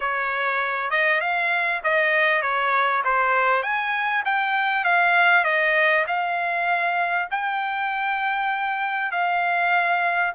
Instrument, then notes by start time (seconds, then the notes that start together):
trumpet
0.00 C#5
0.90 D#5
1.21 F5
1.83 D#5
2.42 C#5
3.04 C5
3.62 G#5
4.25 G5
4.84 F5
5.44 D#5
6.07 F5
7.30 G5
9.11 F5